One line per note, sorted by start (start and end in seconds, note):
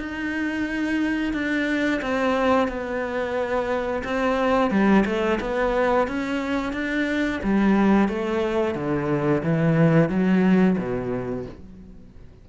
0.00 1.33 D#4
1.33 2.01 D4
2.02 2.68 C4
2.68 4.03 B3
4.04 4.71 C4
4.71 5.05 G3
5.06 5.39 A3
5.40 6.08 B3
6.08 6.73 C#4
6.73 7.40 D4
7.43 8.08 G3
8.08 8.75 A3
8.75 9.42 D3
9.43 10.09 E3
10.09 10.77 F#3
10.78 11.45 B2